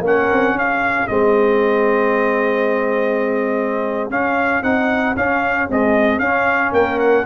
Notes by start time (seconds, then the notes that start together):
0.00 A#3 C#4
0.06 A#4 F#5
0.32 C4
0.52 C#4 G#4
0.59 F5
1.08 G#3 C4 D#5
4.10 C#4 F5
4.63 C4 D#4 F#5
5.16 C#4 F5
5.70 G#3 C4 D#5
6.19 C#4 F5
6.72 A#3 A#4 G5
7.00 F#5